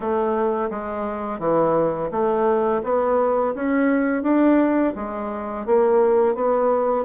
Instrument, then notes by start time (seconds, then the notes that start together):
bassoon
0.00 A3
0.70 G#3
1.39 E3
2.11 A3
2.83 B3
3.55 C#4
4.23 D4
4.95 G#3
5.66 A#3
6.35 B3